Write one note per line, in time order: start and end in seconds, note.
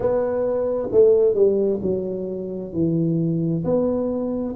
0.00 0.88 B3
0.91 1.34 A3
1.34 1.79 G3
1.82 2.73 F#3
2.73 3.64 E3
3.64 4.55 B3